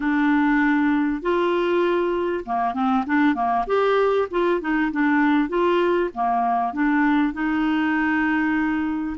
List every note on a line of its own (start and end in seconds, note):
0.00 1.22 D4
1.22 2.44 F4
2.45 2.74 A#3
2.74 3.04 C4
3.06 3.34 D4
3.34 3.65 A#3
3.67 4.28 G4
4.30 4.60 F4
4.60 4.91 D#4
4.91 5.48 D4
5.48 6.09 F4
6.14 6.73 A#3
6.73 7.33 D4
7.33 9.17 D#4